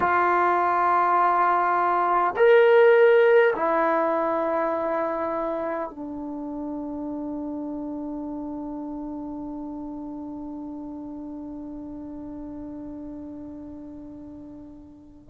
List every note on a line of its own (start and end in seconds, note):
0.00 2.34 F4
2.36 3.53 A#4
3.56 5.90 E4
5.90 15.29 D4